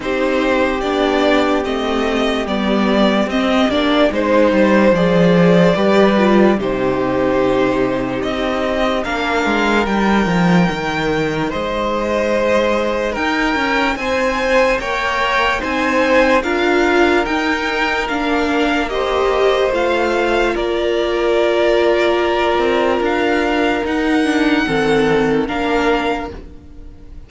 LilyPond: <<
  \new Staff \with { instrumentName = "violin" } { \time 4/4 \tempo 4 = 73 c''4 d''4 dis''4 d''4 | dis''8 d''8 c''4 d''2 | c''2 dis''4 f''4 | g''2 dis''2 |
g''4 gis''4 g''4 gis''4 | f''4 g''4 f''4 dis''4 | f''4 d''2. | f''4 fis''2 f''4 | }
  \new Staff \with { instrumentName = "violin" } { \time 4/4 g'1~ | g'4 c''2 b'4 | g'2. ais'4~ | ais'2 c''2 |
ais'4 c''4 cis''4 c''4 | ais'2. c''4~ | c''4 ais'2.~ | ais'2 a'4 ais'4 | }
  \new Staff \with { instrumentName = "viola" } { \time 4/4 dis'4 d'4 c'4 b4 | c'8 d'8 dis'4 gis'4 g'8 f'8 | dis'2. d'4 | dis'1~ |
dis'2 ais'4 dis'4 | f'4 dis'4 d'4 g'4 | f'1~ | f'4 dis'8 d'8 c'4 d'4 | }
  \new Staff \with { instrumentName = "cello" } { \time 4/4 c'4 b4 a4 g4 | c'8 ais8 gis8 g8 f4 g4 | c2 c'4 ais8 gis8 | g8 f8 dis4 gis2 |
dis'8 cis'8 c'4 ais4 c'4 | d'4 dis'4 ais2 | a4 ais2~ ais8 c'8 | d'4 dis'4 dis4 ais4 | }
>>